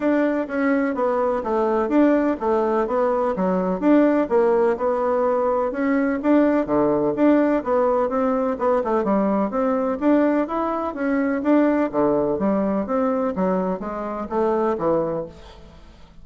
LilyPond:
\new Staff \with { instrumentName = "bassoon" } { \time 4/4 \tempo 4 = 126 d'4 cis'4 b4 a4 | d'4 a4 b4 fis4 | d'4 ais4 b2 | cis'4 d'4 d4 d'4 |
b4 c'4 b8 a8 g4 | c'4 d'4 e'4 cis'4 | d'4 d4 g4 c'4 | fis4 gis4 a4 e4 | }